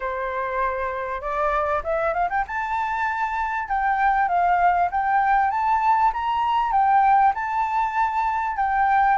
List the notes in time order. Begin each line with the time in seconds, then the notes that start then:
0.00 C5
1.21 D5
1.83 E5
2.13 F5
2.29 G5
2.47 A5
3.68 G5
4.28 F5
4.91 G5
5.50 A5
6.13 A#5
6.72 G5
7.34 A5
8.56 G5